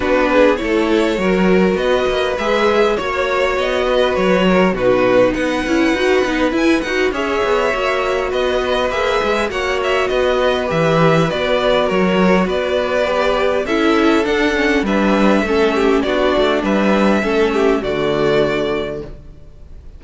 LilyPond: <<
  \new Staff \with { instrumentName = "violin" } { \time 4/4 \tempo 4 = 101 b'4 cis''2 dis''4 | e''4 cis''4 dis''4 cis''4 | b'4 fis''2 gis''8 fis''8 | e''2 dis''4 e''4 |
fis''8 e''8 dis''4 e''4 d''4 | cis''4 d''2 e''4 | fis''4 e''2 d''4 | e''2 d''2 | }
  \new Staff \with { instrumentName = "violin" } { \time 4/4 fis'8 gis'8 a'4 ais'4 b'4~ | b'4 cis''4. b'4 ais'8 | fis'4 b'2. | cis''2 b'2 |
cis''4 b'2. | ais'4 b'2 a'4~ | a'4 b'4 a'8 g'8 fis'4 | b'4 a'8 g'8 fis'2 | }
  \new Staff \with { instrumentName = "viola" } { \time 4/4 d'4 e'4 fis'2 | gis'4 fis'2. | dis'4. e'8 fis'8 dis'8 e'8 fis'8 | gis'4 fis'2 gis'4 |
fis'2 g'4 fis'4~ | fis'2 g'4 e'4 | d'8 cis'8 d'4 cis'4 d'4~ | d'4 cis'4 a2 | }
  \new Staff \with { instrumentName = "cello" } { \time 4/4 b4 a4 fis4 b8 ais8 | gis4 ais4 b4 fis4 | b,4 b8 cis'8 dis'8 b8 e'8 dis'8 | cis'8 b8 ais4 b4 ais8 gis8 |
ais4 b4 e4 b4 | fis4 b2 cis'4 | d'4 g4 a4 b8 a8 | g4 a4 d2 | }
>>